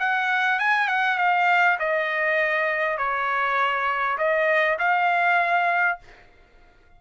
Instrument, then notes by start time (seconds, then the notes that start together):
trumpet
0.00 F#5
0.59 G#5
0.88 F#5
1.18 F5
1.79 D#5
2.98 C#5
4.18 D#5
4.79 F5